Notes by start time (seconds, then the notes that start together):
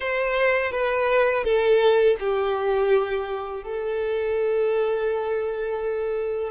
0.00 C5
0.71 B4
1.44 A4
2.19 G4
3.63 A4